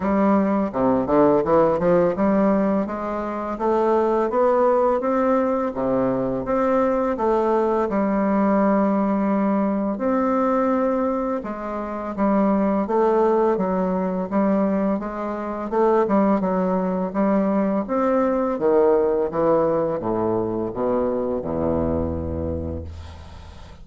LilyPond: \new Staff \with { instrumentName = "bassoon" } { \time 4/4 \tempo 4 = 84 g4 c8 d8 e8 f8 g4 | gis4 a4 b4 c'4 | c4 c'4 a4 g4~ | g2 c'2 |
gis4 g4 a4 fis4 | g4 gis4 a8 g8 fis4 | g4 c'4 dis4 e4 | a,4 b,4 e,2 | }